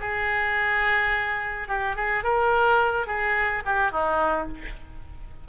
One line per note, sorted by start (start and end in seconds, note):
0.00 1.68 G#4
1.68 1.96 G4
1.96 2.24 G#4
2.24 3.07 A#4
3.07 3.63 G#4
3.65 3.92 G4
3.92 4.48 D#4